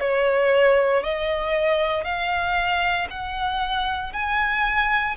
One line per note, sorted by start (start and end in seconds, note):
0.00 1.03 C#5
1.03 2.04 D#5
2.04 3.08 F5
3.10 4.13 F#5
4.13 5.16 G#5